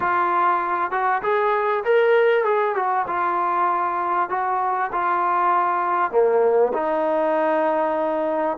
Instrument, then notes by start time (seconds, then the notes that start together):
trombone
0.00 F4
0.91 F#4
1.22 G#4
1.84 A#4
2.44 G#4
2.75 F#4
3.07 F4
4.29 F#4
4.91 F4
6.11 A#3
6.73 D#4